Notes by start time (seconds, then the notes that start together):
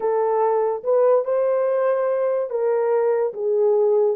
0.00 A4
0.83 B4
1.24 C5
2.50 A#4
3.33 G#4